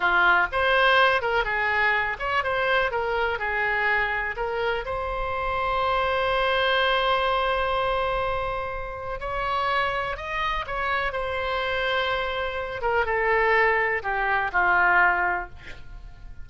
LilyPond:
\new Staff \with { instrumentName = "oboe" } { \time 4/4 \tempo 4 = 124 f'4 c''4. ais'8 gis'4~ | gis'8 cis''8 c''4 ais'4 gis'4~ | gis'4 ais'4 c''2~ | c''1~ |
c''2. cis''4~ | cis''4 dis''4 cis''4 c''4~ | c''2~ c''8 ais'8 a'4~ | a'4 g'4 f'2 | }